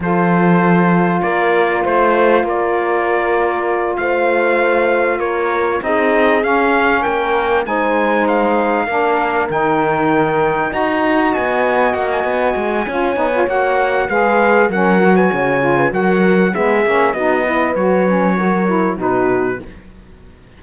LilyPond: <<
  \new Staff \with { instrumentName = "trumpet" } { \time 4/4 \tempo 4 = 98 c''2 d''4 c''4 | d''2~ d''8 f''4.~ | f''8 cis''4 dis''4 f''4 g''8~ | g''8 gis''4 f''2 g''8~ |
g''4. ais''4 gis''4 fis''16 gis''16~ | gis''2 fis''4 f''4 | fis''8. gis''4~ gis''16 fis''4 e''4 | dis''4 cis''2 b'4 | }
  \new Staff \with { instrumentName = "horn" } { \time 4/4 a'2 ais'4 c''4 | ais'2~ ais'8 c''4.~ | c''8 ais'4 gis'2 ais'8~ | ais'8 c''2 ais'4.~ |
ais'4. dis''2~ dis''8~ | dis''4 cis''2 b'4 | ais'8. b'16 cis''8. b'16 ais'4 gis'4 | fis'8 b'4. ais'4 fis'4 | }
  \new Staff \with { instrumentName = "saxophone" } { \time 4/4 f'1~ | f'1~ | f'4. dis'4 cis'4.~ | cis'8 dis'2 d'4 dis'8~ |
dis'4. fis'2~ fis'8~ | fis'4 f'8 dis'16 f'16 fis'4 gis'4 | cis'8 fis'4 f'8 fis'4 b8 cis'8 | dis'8 e'8 fis'8 cis'8 fis'8 e'8 dis'4 | }
  \new Staff \with { instrumentName = "cello" } { \time 4/4 f2 ais4 a4 | ais2~ ais8 a4.~ | a8 ais4 c'4 cis'4 ais8~ | ais8 gis2 ais4 dis8~ |
dis4. dis'4 b4 ais8 | b8 gis8 cis'8 b8 ais4 gis4 | fis4 cis4 fis4 gis8 ais8 | b4 fis2 b,4 | }
>>